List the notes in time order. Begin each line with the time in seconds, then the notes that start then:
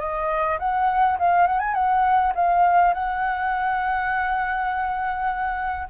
0.00 D#5
0.60 F#5
1.19 F5
1.48 F#5
1.60 G#5
1.75 F#5
2.36 F5
2.94 F#5